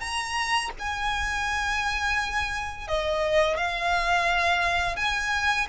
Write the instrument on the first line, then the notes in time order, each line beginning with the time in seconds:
violin
0.00 A#5
0.79 G#5
2.88 D#5
3.57 F5
4.96 G#5